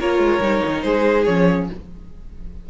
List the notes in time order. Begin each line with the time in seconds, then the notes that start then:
0.00 A#3 F4 A#4 C#5
0.19 G#3
0.40 G3 D#4
0.66 D#3
0.82 G#3 G#4 C5
1.25 F3 C#4 C#5